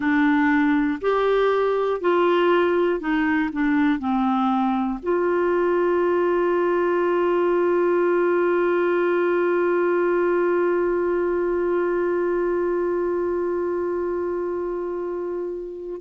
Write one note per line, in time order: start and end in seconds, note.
0.00 0.99 D4
1.00 2.00 G4
2.00 3.00 F4
3.00 3.50 D#4
3.52 3.99 D4
3.99 4.99 C4
5.02 16.00 F4